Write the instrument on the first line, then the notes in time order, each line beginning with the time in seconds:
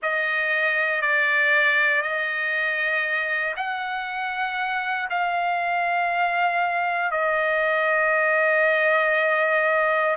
trumpet
0.02 D#5
1.01 D5
2.02 D#5
3.56 F#5
5.09 F5
7.11 D#5